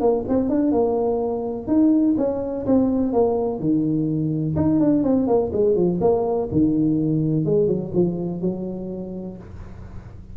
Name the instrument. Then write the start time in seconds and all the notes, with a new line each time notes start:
tuba
0.00 A#3
0.28 C4
0.49 D4
0.71 A#3
1.67 D#4
2.17 C#4
2.66 C4
3.12 A#3
3.59 D#3
4.56 D#4
4.80 D4
5.03 C4
5.27 A#3
5.52 G#3
5.75 F3
6.00 A#3
6.51 D#3
7.45 G#3
7.67 F#3
7.94 F3
8.41 F#3